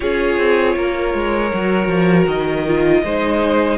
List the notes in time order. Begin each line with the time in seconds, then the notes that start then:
0.00 C#4 F4 G#4 C#5
0.37 C4
0.76 A#3 A#4
1.14 G#3
1.53 F#3 F#4
1.87 F3
2.26 D#3 D#5
2.67 F4
3.03 G#3 D#4 C5